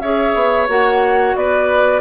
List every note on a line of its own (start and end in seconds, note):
0.00 0.34 C#4
0.00 0.69 G#4
0.00 1.37 C#5
0.00 0.68 E5
0.35 0.69 B3
0.69 1.36 A#3
0.69 2.02 F#4
0.69 1.37 F#5
1.36 2.02 B3
1.36 2.02 B4
1.36 2.02 D5